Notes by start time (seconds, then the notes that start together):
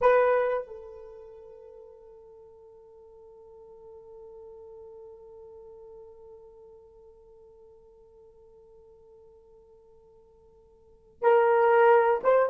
0.01 B4
0.67 A4
11.21 A#4
12.23 C5